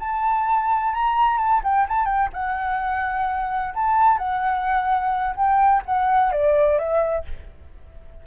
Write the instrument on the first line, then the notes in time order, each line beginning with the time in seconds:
flute
0.00 A5
0.94 A#5
1.38 A5
1.64 G5
1.89 A5
2.06 G5
2.34 F#5
3.75 A5
4.18 F#5
5.36 G5
5.86 F#5
6.32 D5
6.79 E5